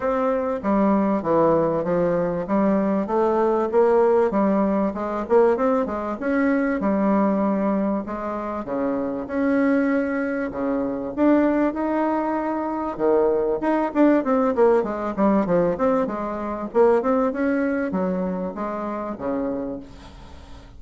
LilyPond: \new Staff \with { instrumentName = "bassoon" } { \time 4/4 \tempo 4 = 97 c'4 g4 e4 f4 | g4 a4 ais4 g4 | gis8 ais8 c'8 gis8 cis'4 g4~ | g4 gis4 cis4 cis'4~ |
cis'4 cis4 d'4 dis'4~ | dis'4 dis4 dis'8 d'8 c'8 ais8 | gis8 g8 f8 c'8 gis4 ais8 c'8 | cis'4 fis4 gis4 cis4 | }